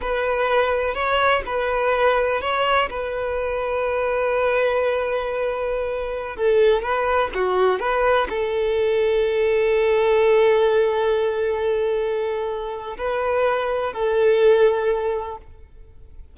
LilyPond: \new Staff \with { instrumentName = "violin" } { \time 4/4 \tempo 4 = 125 b'2 cis''4 b'4~ | b'4 cis''4 b'2~ | b'1~ | b'4~ b'16 a'4 b'4 fis'8.~ |
fis'16 b'4 a'2~ a'8.~ | a'1~ | a'2. b'4~ | b'4 a'2. | }